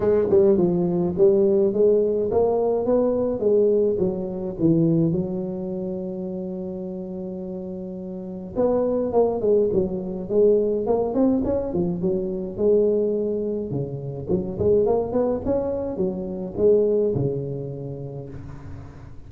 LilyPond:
\new Staff \with { instrumentName = "tuba" } { \time 4/4 \tempo 4 = 105 gis8 g8 f4 g4 gis4 | ais4 b4 gis4 fis4 | e4 fis2.~ | fis2. b4 |
ais8 gis8 fis4 gis4 ais8 c'8 | cis'8 f8 fis4 gis2 | cis4 fis8 gis8 ais8 b8 cis'4 | fis4 gis4 cis2 | }